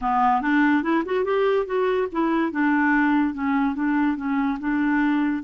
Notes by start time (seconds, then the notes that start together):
0.01 B3
0.41 D4
0.82 E4
1.05 F#4
1.24 G4
1.66 F#4
2.12 E4
2.51 D4
3.34 C#4
3.75 D4
4.16 C#4
4.59 D4